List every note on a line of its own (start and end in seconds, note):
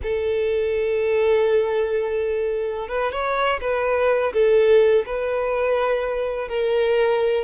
0.02 2.88 A4
2.88 3.12 B4
3.12 3.60 C#5
3.60 4.32 B4
4.33 5.05 A4
5.06 6.48 B4
6.48 7.44 A#4